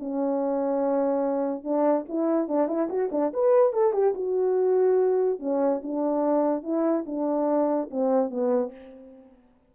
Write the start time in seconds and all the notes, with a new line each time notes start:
0.00 C#4
1.64 D4
2.09 E4
2.49 D4
2.68 E4
2.90 F#4
3.12 D4
3.34 B4
3.73 A4
3.93 G4
4.15 F#4
5.40 C#4
5.83 D4
6.63 E4
7.06 D4
7.91 C4
8.31 B3